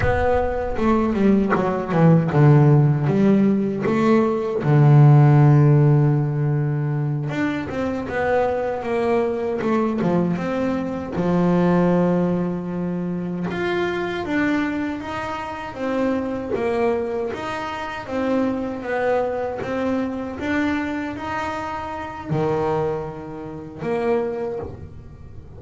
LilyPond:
\new Staff \with { instrumentName = "double bass" } { \time 4/4 \tempo 4 = 78 b4 a8 g8 fis8 e8 d4 | g4 a4 d2~ | d4. d'8 c'8 b4 ais8~ | ais8 a8 f8 c'4 f4.~ |
f4. f'4 d'4 dis'8~ | dis'8 c'4 ais4 dis'4 c'8~ | c'8 b4 c'4 d'4 dis'8~ | dis'4 dis2 ais4 | }